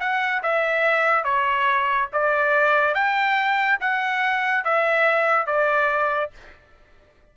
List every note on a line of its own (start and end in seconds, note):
0.00 0.42 F#5
0.43 1.24 E5
1.24 2.09 C#5
2.13 2.94 D5
2.94 3.79 G5
3.81 4.64 F#5
4.64 5.46 E5
5.46 6.31 D5